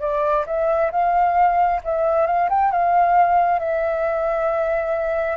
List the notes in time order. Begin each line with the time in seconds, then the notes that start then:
0.00 D5
0.46 E5
0.91 F5
1.84 E5
2.26 F5
2.49 G5
2.72 F5
3.59 E5